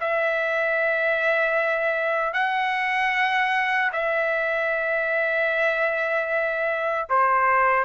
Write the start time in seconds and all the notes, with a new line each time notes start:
0.00 E5
2.33 F#5
3.92 E5
7.09 C5